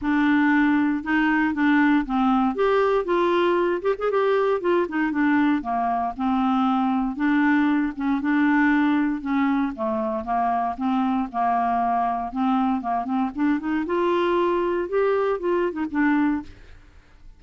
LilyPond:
\new Staff \with { instrumentName = "clarinet" } { \time 4/4 \tempo 4 = 117 d'2 dis'4 d'4 | c'4 g'4 f'4. g'16 gis'16 | g'4 f'8 dis'8 d'4 ais4 | c'2 d'4. cis'8 |
d'2 cis'4 a4 | ais4 c'4 ais2 | c'4 ais8 c'8 d'8 dis'8 f'4~ | f'4 g'4 f'8. dis'16 d'4 | }